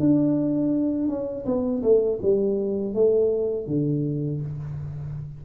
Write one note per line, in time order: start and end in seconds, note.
0.00 1.08 D4
1.08 1.45 C#4
1.46 1.83 B3
1.83 2.20 A3
2.22 2.95 G3
2.95 3.67 A3
3.67 4.41 D3